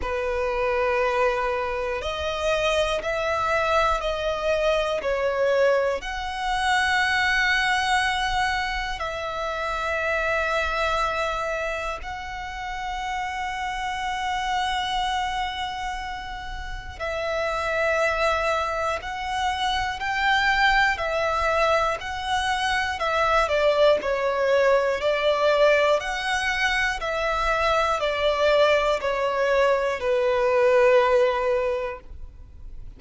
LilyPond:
\new Staff \with { instrumentName = "violin" } { \time 4/4 \tempo 4 = 60 b'2 dis''4 e''4 | dis''4 cis''4 fis''2~ | fis''4 e''2. | fis''1~ |
fis''4 e''2 fis''4 | g''4 e''4 fis''4 e''8 d''8 | cis''4 d''4 fis''4 e''4 | d''4 cis''4 b'2 | }